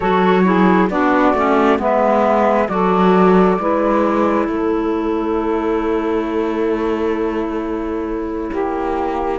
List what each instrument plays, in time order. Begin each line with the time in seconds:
0.00 cello F#3, clarinet F#4, saxophone A4, flute C#5
0.44 clarinet E4, saxophone G#4
0.89 cello B3, clarinet D4, saxophone F#4, flute D5
1.34 cello A3, clarinet C#4
1.77 cello G#3, clarinet B3, saxophone B4, flute E5
2.67 cello F#3, clarinet F#4, saxophone A4, flute D5
3.59 cello G#3, clarinet E4, saxophone B4
4.47 cello A3, saxophone A4, flute C#5
8.50 cello A#3, saxophone G4